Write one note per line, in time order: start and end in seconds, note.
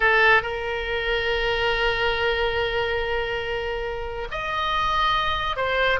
0.00 0.42 A4
0.42 4.28 A#4
4.31 5.56 D#5
5.56 5.99 C5